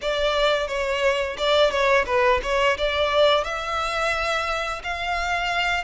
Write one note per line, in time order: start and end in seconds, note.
0.01 0.67 D5
0.67 1.36 C#5
1.37 1.70 D5
1.70 2.05 C#5
2.06 2.40 B4
2.42 2.77 C#5
2.77 3.44 D5
3.44 4.82 E5
4.83 5.84 F5